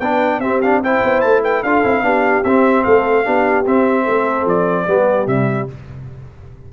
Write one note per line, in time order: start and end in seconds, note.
0.00 0.39 B3
0.00 0.43 D4
0.00 0.41 B4
0.00 0.41 G5
0.39 1.00 C4
0.39 0.63 C4
0.39 0.82 G4
0.39 0.61 E5
0.62 0.84 D4
0.62 0.82 F5
0.82 1.65 E4
0.82 1.43 C5
0.82 1.21 G5
1.04 1.24 B3
1.21 1.64 A3
1.21 1.41 A5
1.43 1.63 B4
1.43 1.64 G5
1.64 1.84 D4
1.64 1.85 F4
1.64 2.04 A4
1.64 2.44 F5
1.84 2.03 C4
1.84 2.03 E4
2.03 2.43 B3
2.03 2.44 D4
2.03 2.85 G4
2.44 2.85 C4
2.44 3.25 C4
2.44 2.84 E5
2.84 3.27 A3
2.84 3.25 A4
2.84 3.65 F5
3.25 3.67 B3
3.25 3.66 D4
3.25 4.04 G4
3.67 4.07 C4
3.67 4.88 C4
3.67 4.48 E5
4.04 4.46 A3
4.04 4.85 A4
4.46 4.87 F3
4.46 5.28 D5
4.88 5.27 G3
4.88 5.28 B3
4.88 5.73 G4
5.27 5.68 C3
5.27 5.68 G3
5.27 5.68 E5